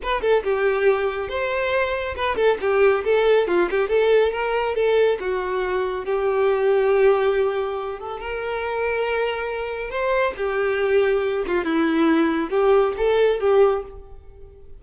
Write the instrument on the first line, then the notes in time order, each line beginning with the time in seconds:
violin
0.02 B4
0.21 A4
0.43 G4
1.29 C5
2.16 B4
2.36 A4
2.61 G4
3.04 A4
3.47 F4
3.70 G4
3.88 A4
4.31 A#4
4.75 A4
5.20 F#4
6.05 G4
7.99 A4
8.20 A#4
9.90 C5
10.36 G4
11.47 F4
11.64 E4
12.50 G4
12.97 A4
13.40 G4